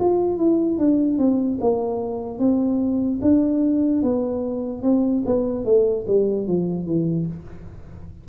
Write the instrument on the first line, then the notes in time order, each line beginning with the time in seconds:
tuba
0.00 F4
0.38 E4
0.78 D4
1.18 C4
1.61 A#3
2.39 C4
3.22 D4
4.03 B3
4.83 C4
5.26 B3
5.65 A3
6.08 G3
6.48 F3
6.86 E3